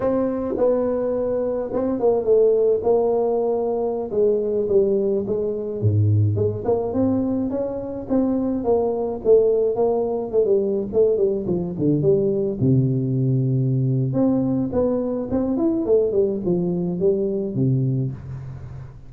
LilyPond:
\new Staff \with { instrumentName = "tuba" } { \time 4/4 \tempo 4 = 106 c'4 b2 c'8 ais8 | a4 ais2~ ais16 gis8.~ | gis16 g4 gis4 gis,4 gis8 ais16~ | ais16 c'4 cis'4 c'4 ais8.~ |
ais16 a4 ais4 a16 g8. a8 g16~ | g16 f8 d8 g4 c4.~ c16~ | c4 c'4 b4 c'8 e'8 | a8 g8 f4 g4 c4 | }